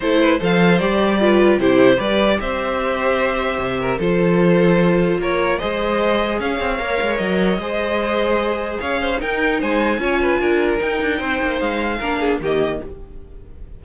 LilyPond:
<<
  \new Staff \with { instrumentName = "violin" } { \time 4/4 \tempo 4 = 150 c''4 f''4 d''2 | c''4 d''4 e''2~ | e''2 c''2~ | c''4 cis''4 dis''2 |
f''2 dis''2~ | dis''2 f''4 g''4 | gis''2. g''4~ | g''4 f''2 dis''4 | }
  \new Staff \with { instrumentName = "violin" } { \time 4/4 a'8 b'8 c''2 b'4 | g'4 b'4 c''2~ | c''4. ais'8 a'2~ | a'4 ais'4 c''2 |
cis''2. c''4~ | c''2 cis''8 c''8 ais'4 | c''4 cis''8 b'8 ais'2 | c''2 ais'8 gis'8 g'4 | }
  \new Staff \with { instrumentName = "viola" } { \time 4/4 e'4 a'4 g'4 f'4 | e'4 g'2.~ | g'2 f'2~ | f'2 gis'2~ |
gis'4 ais'2 gis'4~ | gis'2. dis'4~ | dis'4 f'2 dis'4~ | dis'2 d'4 ais4 | }
  \new Staff \with { instrumentName = "cello" } { \time 4/4 a4 f4 g2 | c4 g4 c'2~ | c'4 c4 f2~ | f4 ais4 gis2 |
cis'8 c'8 ais8 gis8 fis4 gis4~ | gis2 cis'4 dis'4 | gis4 cis'4 d'4 dis'8 d'8 | c'8 ais8 gis4 ais4 dis4 | }
>>